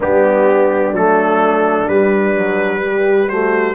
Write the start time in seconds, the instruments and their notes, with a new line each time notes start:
0.00 tuba G3, trombone B3, horn D4, trumpet G4
0.92 tuba F#3, trombone A3, trumpet A4
1.88 tuba G3, trombone G3, trumpet B4
2.35 trombone F#3
2.81 trombone G3, horn G4
3.28 trombone A3, horn F#4, trumpet C5